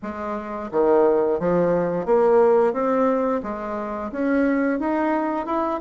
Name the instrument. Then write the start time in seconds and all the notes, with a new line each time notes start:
bassoon
0.02 G#3
0.71 D#3
1.39 F3
2.05 A#3
2.73 C4
3.42 G#3
4.11 C#4
4.79 D#4
5.46 E4